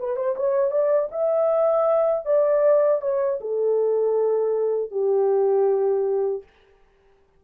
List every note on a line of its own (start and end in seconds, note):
0.00 0.17 B4
0.17 0.36 C5
0.37 0.71 C#5
0.71 1.09 D5
1.12 2.26 E5
2.26 3.02 D5
3.02 3.40 C#5
3.41 4.91 A4
4.91 6.43 G4